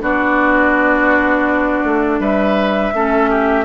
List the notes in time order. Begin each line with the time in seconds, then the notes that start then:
0.00 B3 D4 F#4 D5
1.83 A3
2.19 G3 B4 E5
2.93 A3 C#4 A4
3.30 G4